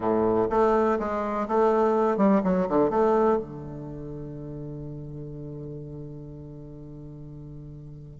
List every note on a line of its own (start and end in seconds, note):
0.00 0.48 A2
0.50 0.98 A3
0.99 1.47 G#3
1.48 2.17 A3
2.17 2.41 G3
2.43 2.67 F#3
2.68 2.89 D3
2.89 3.38 A3
3.38 8.20 D3